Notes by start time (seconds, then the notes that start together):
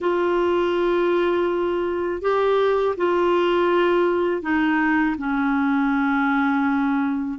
0.00 F4
2.21 G4
2.96 F4
4.41 D#4
5.18 C#4